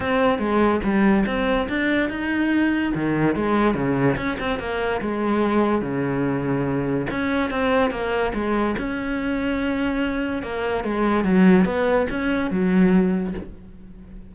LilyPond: \new Staff \with { instrumentName = "cello" } { \time 4/4 \tempo 4 = 144 c'4 gis4 g4 c'4 | d'4 dis'2 dis4 | gis4 cis4 cis'8 c'8 ais4 | gis2 cis2~ |
cis4 cis'4 c'4 ais4 | gis4 cis'2.~ | cis'4 ais4 gis4 fis4 | b4 cis'4 fis2 | }